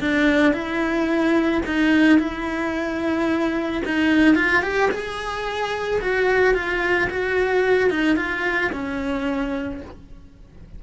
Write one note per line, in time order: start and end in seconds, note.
0.00 0.53 D4
0.53 1.62 E4
1.66 2.19 D#4
2.19 3.83 E4
3.85 4.36 D#4
4.36 4.62 F4
4.62 4.90 G4
4.91 6.00 G#4
6.01 6.54 F#4
6.54 7.09 F4
7.10 7.90 F#4
7.90 8.16 D#4
8.16 8.70 F4
8.72 9.82 C#4